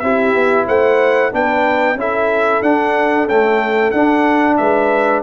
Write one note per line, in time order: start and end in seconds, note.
0.00 0.34 C4
0.00 1.32 E4
0.00 0.67 G4
0.00 0.65 E5
0.34 0.67 B3
0.67 1.33 A3
0.67 1.32 C5
0.67 1.33 F#5
1.32 1.96 B3
1.32 1.97 D4
1.32 1.98 B4
1.32 2.00 G5
1.96 2.61 C#4
1.96 2.63 E4
1.96 4.59 A4
1.96 2.63 E5
2.62 3.26 D4
2.62 3.28 D4
2.62 3.28 F#5
3.26 3.95 A3
3.26 3.91 C#4
3.26 3.91 G5
3.91 4.58 D4
3.91 5.23 D4
3.91 4.57 F#5
4.57 5.23 G#3
4.57 5.23 B4
4.57 5.22 E5